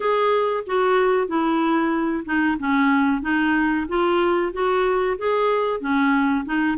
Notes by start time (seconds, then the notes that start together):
0.00 G#4
0.66 F#4
1.27 E4
2.25 D#4
2.59 C#4
3.21 D#4
3.88 F4
4.52 F#4
5.18 G#4
5.80 C#4
6.45 D#4